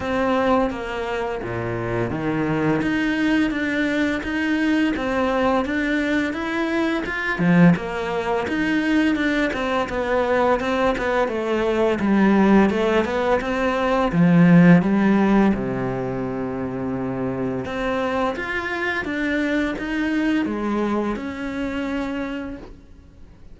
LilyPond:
\new Staff \with { instrumentName = "cello" } { \time 4/4 \tempo 4 = 85 c'4 ais4 ais,4 dis4 | dis'4 d'4 dis'4 c'4 | d'4 e'4 f'8 f8 ais4 | dis'4 d'8 c'8 b4 c'8 b8 |
a4 g4 a8 b8 c'4 | f4 g4 c2~ | c4 c'4 f'4 d'4 | dis'4 gis4 cis'2 | }